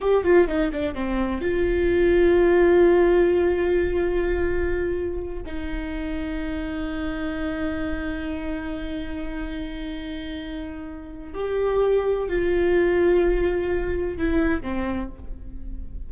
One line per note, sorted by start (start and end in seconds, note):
0.00 0.23 G4
0.23 0.47 F4
0.47 0.71 D#4
0.72 0.94 D4
0.94 1.41 C4
1.41 5.42 F4
5.46 11.34 D#4
11.34 12.28 G4
12.28 14.17 F4
14.17 14.62 E4
14.62 15.09 C4